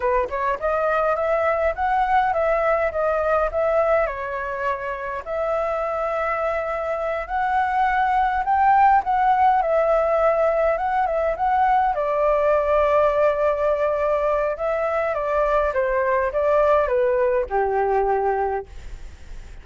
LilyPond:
\new Staff \with { instrumentName = "flute" } { \time 4/4 \tempo 4 = 103 b'8 cis''8 dis''4 e''4 fis''4 | e''4 dis''4 e''4 cis''4~ | cis''4 e''2.~ | e''8 fis''2 g''4 fis''8~ |
fis''8 e''2 fis''8 e''8 fis''8~ | fis''8 d''2.~ d''8~ | d''4 e''4 d''4 c''4 | d''4 b'4 g'2 | }